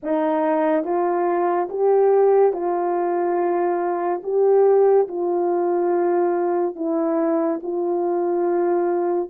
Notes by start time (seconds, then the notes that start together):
0.02 D#4
0.84 F4
1.69 G4
2.52 F4
4.23 G4
5.07 F4
6.75 E4
7.62 F4